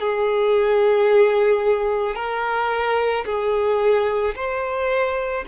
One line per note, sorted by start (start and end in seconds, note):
0.00 2.15 G#4
2.15 3.24 A#4
3.25 4.34 G#4
4.35 5.44 C5